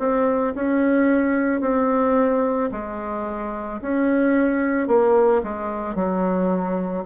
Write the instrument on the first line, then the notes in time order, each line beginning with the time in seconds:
bassoon
0.00 C4
0.56 C#4
1.61 C4
2.72 G#3
3.82 C#4
4.88 A#3
5.43 G#3
5.96 F#3